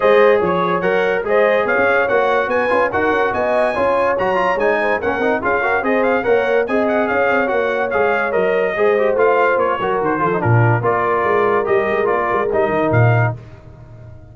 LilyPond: <<
  \new Staff \with { instrumentName = "trumpet" } { \time 4/4 \tempo 4 = 144 dis''4 cis''4 fis''4 dis''4 | f''4 fis''4 gis''4 fis''4 | gis''2 ais''4 gis''4 | fis''4 f''4 dis''8 f''8 fis''4 |
gis''8 fis''8 f''4 fis''4 f''4 | dis''2 f''4 cis''4 | c''4 ais'4 d''2 | dis''4 d''4 dis''4 f''4 | }
  \new Staff \with { instrumentName = "horn" } { \time 4/4 c''4 cis''2 c''4 | cis''2 b'4 ais'4 | dis''4 cis''2~ cis''8 c''8 | ais'4 gis'8 ais'8 c''4 cis''4 |
dis''4 cis''2.~ | cis''4 c''2~ c''8 ais'8~ | ais'8 a'8 f'4 ais'2~ | ais'1 | }
  \new Staff \with { instrumentName = "trombone" } { \time 4/4 gis'2 ais'4 gis'4~ | gis'4 fis'4. f'8 fis'4~ | fis'4 f'4 fis'8 f'8 dis'4 | cis'8 dis'8 f'8 fis'8 gis'4 ais'4 |
gis'2 fis'4 gis'4 | ais'4 gis'8 g'8 f'4. fis'8~ | fis'8 f'16 dis'16 d'4 f'2 | g'4 f'4 dis'2 | }
  \new Staff \with { instrumentName = "tuba" } { \time 4/4 gis4 f4 fis4 gis4 | b16 cis'8. ais4 b8 cis'8 dis'8 cis'8 | b4 cis'4 fis4 gis4 | ais8 c'8 cis'4 c'4 ais4 |
c'4 cis'8 c'8 ais4 gis4 | fis4 gis4 a4 ais8 fis8 | dis8 f8 ais,4 ais4 gis4 | g8 gis8 ais8 gis8 g8 dis8 ais,4 | }
>>